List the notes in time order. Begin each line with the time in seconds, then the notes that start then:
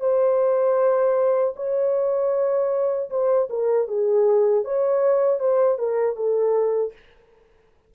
0.00 C5
1.56 C#5
3.10 C5
3.50 A#4
3.88 G#4
4.64 C#5
5.40 C5
5.79 A#4
6.16 A4